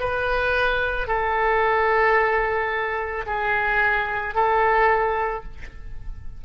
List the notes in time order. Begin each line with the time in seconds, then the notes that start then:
0.00 B4
1.08 A4
3.26 G#4
4.35 A4